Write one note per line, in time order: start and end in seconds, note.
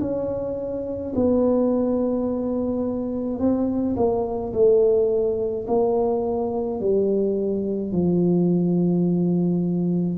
0.00 1.13 C#4
1.15 3.39 B3
3.39 3.95 C4
3.96 4.52 A#3
4.52 5.66 A3
5.67 6.80 A#3
6.80 7.92 G3
7.92 10.18 F3